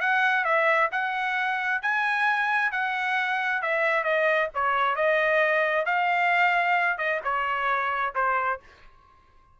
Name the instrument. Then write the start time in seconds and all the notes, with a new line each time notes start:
trumpet
0.00 F#5
0.44 E5
0.91 F#5
1.82 G#5
2.71 F#5
3.62 E5
4.03 D#5
4.54 C#5
4.95 D#5
5.85 F5
6.98 D#5
7.24 C#5
8.15 C5